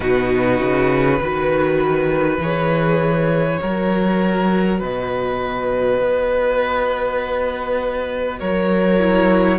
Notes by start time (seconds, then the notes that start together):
0.00 B2 D#4 F#4 B4
0.60 C#3
1.19 D#3 F#4 B4
2.38 E3 G#4 C#5
3.60 F#3 F#4 A#4
4.79 B2 B4 D#5
6.00 B3
8.39 F#3 A#4 C#5
8.99 E4